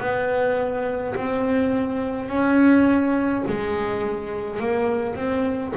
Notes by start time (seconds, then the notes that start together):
0.00 B3
1.16 C4
2.29 C#4
3.48 G#3
4.60 A#3
5.16 C4